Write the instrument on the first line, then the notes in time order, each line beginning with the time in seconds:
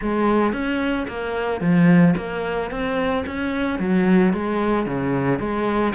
cello
0.01 G#3
0.52 C#4
1.07 A#3
1.60 F3
2.16 A#3
2.71 C4
3.26 C#4
3.79 F#3
4.33 G#3
4.86 C#3
5.39 G#3